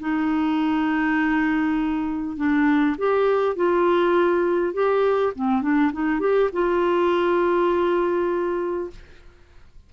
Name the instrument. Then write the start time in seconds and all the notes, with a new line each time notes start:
clarinet
0.00 D#4
2.37 D4
2.98 G4
3.56 F4
4.74 G4
5.36 C4
5.62 D4
5.93 D#4
6.20 G4
6.53 F4